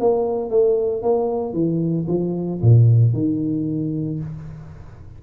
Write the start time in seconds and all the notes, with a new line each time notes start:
0.00 A#3
0.50 A3
1.03 A#3
1.53 E3
2.08 F3
2.62 A#2
3.14 D#3